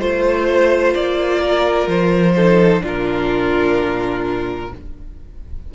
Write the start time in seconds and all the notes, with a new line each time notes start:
0.00 A3 F4 C5
0.94 A#3 D5
1.39 A#4
1.87 F3 C5
2.36 D#4 A4
2.81 A#2 D4 F4
2.87 A#4